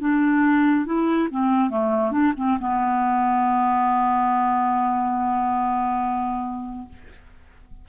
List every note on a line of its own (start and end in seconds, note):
0.00 0.86 D4
0.86 1.29 E4
1.31 1.70 C4
1.70 2.12 A3
2.12 2.33 D4
2.37 2.58 C4
2.60 6.88 B3